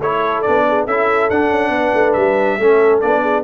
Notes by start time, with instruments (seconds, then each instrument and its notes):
0.00 tuba A3, trombone E4, horn A4, trumpet C#5
0.42 tuba B3, trombone D4, trumpet D5
0.68 horn G#4
0.86 tuba C#4, trombone E4, horn A4, trumpet E5
1.30 tuba D4, trombone D4, trumpet F#5
1.50 tuba C#4
1.70 tuba B3, horn B4
1.94 tuba A3
2.13 tuba G3, trumpet E5
2.58 tuba A3, trombone C#4, horn A4
3.01 tuba B3, trombone D4, trumpet D5
3.22 horn G#4